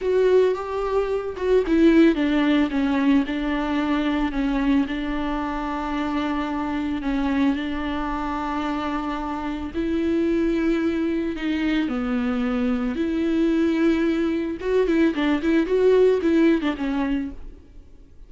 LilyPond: \new Staff \with { instrumentName = "viola" } { \time 4/4 \tempo 4 = 111 fis'4 g'4. fis'8 e'4 | d'4 cis'4 d'2 | cis'4 d'2.~ | d'4 cis'4 d'2~ |
d'2 e'2~ | e'4 dis'4 b2 | e'2. fis'8 e'8 | d'8 e'8 fis'4 e'8. d'16 cis'4 | }